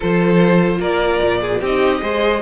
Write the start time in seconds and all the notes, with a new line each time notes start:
0.00 F3 F4 A4 C5
0.79 A#3 A#4 D5
1.21 A#2
1.40 G#4
1.60 C4 D#4 G4 D#5
2.01 G#3 G#4 C5